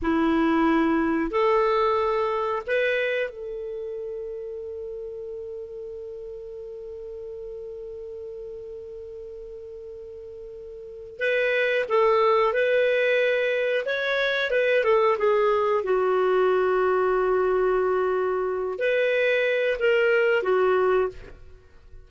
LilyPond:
\new Staff \with { instrumentName = "clarinet" } { \time 4/4 \tempo 4 = 91 e'2 a'2 | b'4 a'2.~ | a'1~ | a'1~ |
a'4 b'4 a'4 b'4~ | b'4 cis''4 b'8 a'8 gis'4 | fis'1~ | fis'8 b'4. ais'4 fis'4 | }